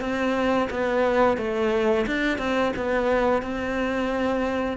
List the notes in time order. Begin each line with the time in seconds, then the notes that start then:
0.00 C4
0.70 B3
1.37 A3
2.06 D4
2.38 C4
2.76 B3
3.42 C4